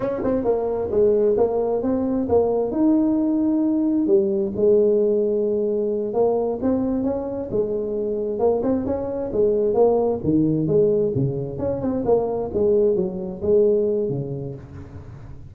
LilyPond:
\new Staff \with { instrumentName = "tuba" } { \time 4/4 \tempo 4 = 132 cis'8 c'8 ais4 gis4 ais4 | c'4 ais4 dis'2~ | dis'4 g4 gis2~ | gis4. ais4 c'4 cis'8~ |
cis'8 gis2 ais8 c'8 cis'8~ | cis'8 gis4 ais4 dis4 gis8~ | gis8 cis4 cis'8 c'8 ais4 gis8~ | gis8 fis4 gis4. cis4 | }